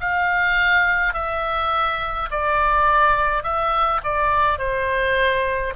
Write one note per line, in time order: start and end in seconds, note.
0.00 1.13 F5
1.13 2.29 E5
2.30 3.43 D5
3.43 4.01 E5
4.03 4.58 D5
4.58 5.73 C5